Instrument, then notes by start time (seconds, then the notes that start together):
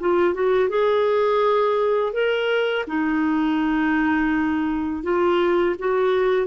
clarinet
0.00 F4
0.35 F#4
0.69 G#4
2.13 A#4
2.87 D#4
5.03 F4
5.79 F#4